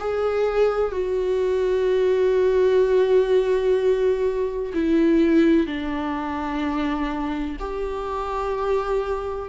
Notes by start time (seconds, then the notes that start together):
0.00 G#4
0.92 F#4
4.74 E4
5.67 D4
7.60 G4